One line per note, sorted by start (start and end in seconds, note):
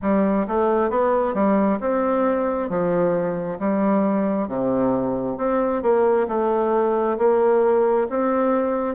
0.02 0.46 G3
0.47 0.90 A3
0.90 1.34 B3
1.34 1.78 G3
1.80 2.69 C4
2.69 3.58 F3
3.59 4.48 G3
4.48 5.37 C3
5.37 5.82 C4
5.82 6.27 A#3
6.28 7.17 A3
7.18 8.07 A#3
8.09 8.95 C4